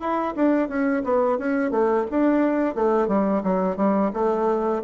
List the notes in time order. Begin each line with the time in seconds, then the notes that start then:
0.00 E4
0.36 D4
0.69 C#4
1.04 B3
1.39 C#4
1.71 A3
2.11 D4
2.75 A3
3.08 G3
3.44 F#3
3.77 G3
4.13 A3